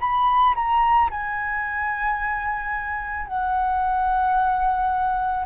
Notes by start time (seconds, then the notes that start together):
0.00 B5
0.55 A#5
1.11 G#5
3.27 F#5